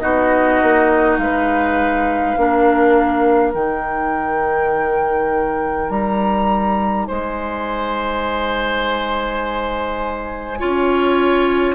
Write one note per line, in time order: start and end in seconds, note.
0.00 0.62 B3
0.00 2.37 D#4
0.00 1.20 F#4
0.00 1.18 D#5
0.62 1.18 A#3
1.18 2.36 G#3
1.18 2.40 B4
1.18 3.53 F5
2.37 3.54 A#3
2.37 3.54 D4
2.37 7.08 A#4
3.54 5.90 D#3
3.54 10.59 D#4
3.54 5.90 G5
5.90 7.07 G3
5.90 7.06 A#5
7.06 10.62 G#3
7.06 10.59 C5
7.06 11.75 G#5
10.59 11.75 C#4
10.59 11.75 F4
10.59 11.75 C#5